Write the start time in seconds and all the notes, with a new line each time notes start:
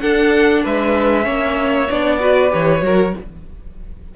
0.00 D4 A4 F#5
0.64 G#3 B4 E5
1.23 A#3 C#4 C#5
1.90 B3 D4 D5
2.20 F#4 B4
2.50 E3 G4 C#5
2.82 F#3 F#4 A#4